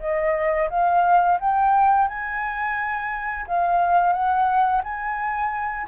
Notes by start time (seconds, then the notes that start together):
0.00 D#5
0.70 F5
1.40 G5
2.08 G#5
3.48 F5
4.13 F#5
4.84 G#5